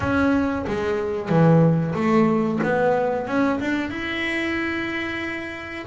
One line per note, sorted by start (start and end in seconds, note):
0.00 0.65 C#4
0.67 1.29 G#3
1.29 1.94 E3
1.94 2.60 A3
2.63 3.27 B3
3.27 3.59 C#4
3.60 3.90 D4
3.90 5.85 E4